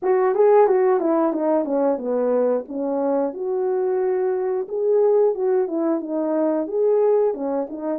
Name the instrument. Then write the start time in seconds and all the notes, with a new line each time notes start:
horn
0.02 F#4
0.34 G#4
0.67 F#4
1.00 E4
1.32 D#4
1.65 C#4
1.98 B3
2.68 C#4
3.33 F#4
4.68 G#4
5.35 F#4
5.67 E4
6.00 D#4
6.67 G#4
7.33 C#4
7.69 D#4